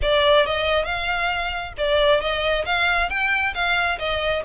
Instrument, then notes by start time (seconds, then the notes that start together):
violin
0.02 D5
0.46 D#5
0.85 F5
1.77 D5
2.20 D#5
2.65 F5
3.09 G5
3.54 F5
3.98 D#5